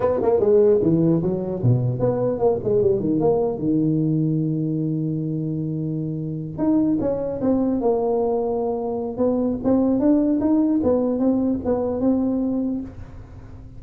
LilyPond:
\new Staff \with { instrumentName = "tuba" } { \time 4/4 \tempo 4 = 150 b8 ais8 gis4 e4 fis4 | b,4 b4 ais8 gis8 g8 dis8 | ais4 dis2.~ | dis1~ |
dis8 dis'4 cis'4 c'4 ais8~ | ais2. b4 | c'4 d'4 dis'4 b4 | c'4 b4 c'2 | }